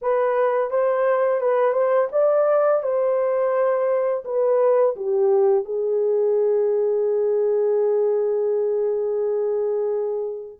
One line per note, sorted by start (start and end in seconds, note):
0.01 0.70 B4
0.70 1.41 C5
1.41 1.72 B4
1.72 2.08 C5
2.12 2.82 D5
2.82 4.24 C5
4.24 4.95 B4
4.95 5.64 G4
5.64 10.59 G#4